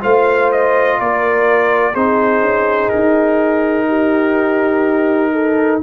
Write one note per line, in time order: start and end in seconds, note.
0.00 1.00 A3
0.00 1.94 F4
0.00 0.99 C5
0.00 0.52 F5
0.52 1.00 D#5
1.00 1.96 A#3
1.00 1.93 A#4
1.00 1.95 D5
1.93 2.41 C4
1.93 5.83 D#4
1.93 3.87 G#4
1.93 2.90 C5
2.41 2.90 C#4
2.90 5.83 D#4
2.90 5.80 A#4
3.89 5.33 G4
5.33 5.81 A4